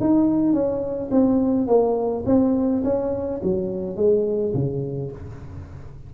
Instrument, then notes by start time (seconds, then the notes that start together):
tuba
0.00 D#4
0.52 C#4
1.11 C4
1.67 A#3
2.26 C4
2.84 C#4
3.43 F#3
3.96 G#3
4.54 C#3